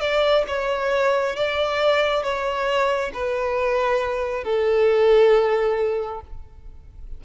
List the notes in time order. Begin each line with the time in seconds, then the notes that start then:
0.00 D5
0.47 C#5
1.36 D5
2.23 C#5
3.13 B4
4.44 A4